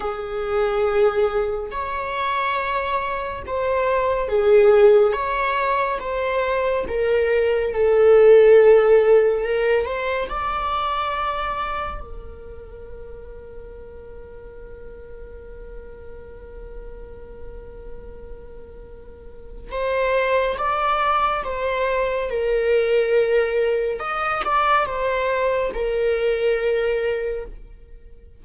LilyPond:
\new Staff \with { instrumentName = "viola" } { \time 4/4 \tempo 4 = 70 gis'2 cis''2 | c''4 gis'4 cis''4 c''4 | ais'4 a'2 ais'8 c''8 | d''2 ais'2~ |
ais'1~ | ais'2. c''4 | d''4 c''4 ais'2 | dis''8 d''8 c''4 ais'2 | }